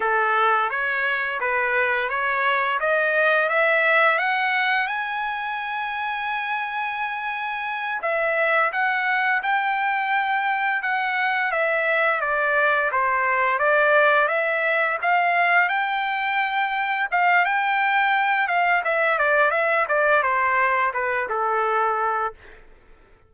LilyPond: \new Staff \with { instrumentName = "trumpet" } { \time 4/4 \tempo 4 = 86 a'4 cis''4 b'4 cis''4 | dis''4 e''4 fis''4 gis''4~ | gis''2.~ gis''8 e''8~ | e''8 fis''4 g''2 fis''8~ |
fis''8 e''4 d''4 c''4 d''8~ | d''8 e''4 f''4 g''4.~ | g''8 f''8 g''4. f''8 e''8 d''8 | e''8 d''8 c''4 b'8 a'4. | }